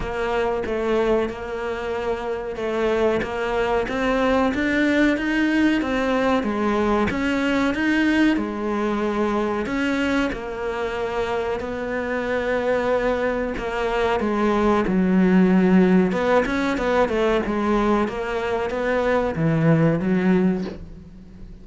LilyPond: \new Staff \with { instrumentName = "cello" } { \time 4/4 \tempo 4 = 93 ais4 a4 ais2 | a4 ais4 c'4 d'4 | dis'4 c'4 gis4 cis'4 | dis'4 gis2 cis'4 |
ais2 b2~ | b4 ais4 gis4 fis4~ | fis4 b8 cis'8 b8 a8 gis4 | ais4 b4 e4 fis4 | }